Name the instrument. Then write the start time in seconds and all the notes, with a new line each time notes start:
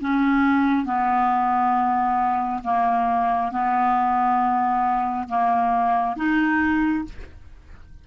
clarinet
0.00 C#4
0.85 B3
2.64 A#3
3.51 B3
5.28 A#3
6.16 D#4